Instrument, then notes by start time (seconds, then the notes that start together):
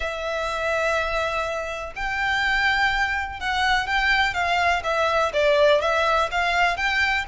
violin
0.00 E5
1.95 G5
3.40 F#5
3.86 G5
4.34 F5
4.83 E5
5.33 D5
5.81 E5
6.31 F5
6.76 G5